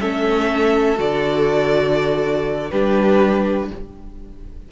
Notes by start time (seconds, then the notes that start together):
0.00 A3 C#4 A4 E5
0.95 D3 F#4 D5
2.70 G3 D4 G4 B4